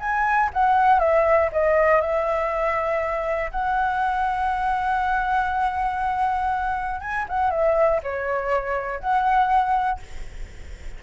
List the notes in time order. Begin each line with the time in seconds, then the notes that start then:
0.00 G#5
0.54 F#5
0.99 E5
1.52 D#5
2.01 E5
3.52 F#5
7.01 G#5
7.29 F#5
7.51 E5
8.03 C#5
9.00 F#5